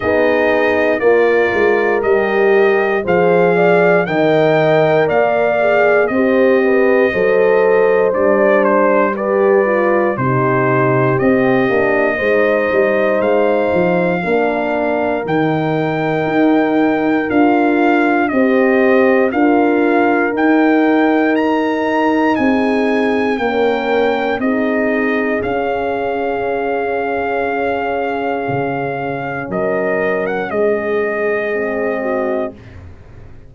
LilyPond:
<<
  \new Staff \with { instrumentName = "trumpet" } { \time 4/4 \tempo 4 = 59 dis''4 d''4 dis''4 f''4 | g''4 f''4 dis''2 | d''8 c''8 d''4 c''4 dis''4~ | dis''4 f''2 g''4~ |
g''4 f''4 dis''4 f''4 | g''4 ais''4 gis''4 g''4 | dis''4 f''2.~ | f''4 dis''8. fis''16 dis''2 | }
  \new Staff \with { instrumentName = "horn" } { \time 4/4 gis'4 ais'2 c''8 d''8 | dis''4 d''4 c''8 b'8 c''4~ | c''4 b'4 g'2 | c''2 ais'2~ |
ais'2 c''4 ais'4~ | ais'2 gis'4 ais'4 | gis'1~ | gis'4 ais'4 gis'4. fis'8 | }
  \new Staff \with { instrumentName = "horn" } { \time 4/4 dis'4 f'4 g'4 gis'4 | ais'4. gis'8 g'4 a'4 | d'4 g'8 f'8 dis'4 c'8 d'8 | dis'2 d'4 dis'4~ |
dis'4 f'4 g'4 f'4 | dis'2. cis'4 | dis'4 cis'2.~ | cis'2. c'4 | }
  \new Staff \with { instrumentName = "tuba" } { \time 4/4 b4 ais8 gis8 g4 f4 | dis4 ais4 c'4 fis4 | g2 c4 c'8 ais8 | gis8 g8 gis8 f8 ais4 dis4 |
dis'4 d'4 c'4 d'4 | dis'2 c'4 ais4 | c'4 cis'2. | cis4 fis4 gis2 | }
>>